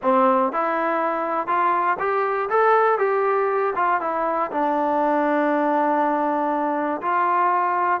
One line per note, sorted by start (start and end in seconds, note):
0.02 0.52 C4
0.52 1.47 E4
1.47 1.97 F4
1.99 2.49 G4
2.49 2.98 A4
2.98 3.73 G4
3.75 4.00 F4
4.00 4.50 E4
4.51 7.01 D4
7.01 8.00 F4